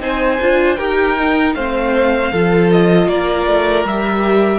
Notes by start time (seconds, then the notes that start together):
0.00 C4 D#4 C5 G#5
0.41 D4 F4
0.76 D#4 G4 A#4 G5
1.19 D#4
1.55 A3 C4 C5 F5
2.32 F3 F4 A4
2.72 D#5
3.08 A#3 A#4 D5
3.46 A3
3.85 G3 G4 E5